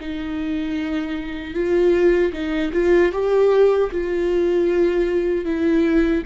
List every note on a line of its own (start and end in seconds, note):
0.00 1.54 D#4
1.54 2.32 F4
2.32 2.71 D#4
2.73 3.12 F4
3.12 3.90 G4
3.91 5.45 F4
5.45 6.23 E4